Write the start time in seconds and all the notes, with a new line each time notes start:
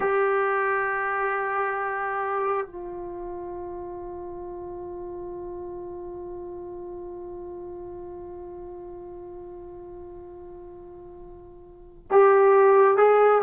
0.00 G4
2.66 F4
12.10 G4
12.97 G#4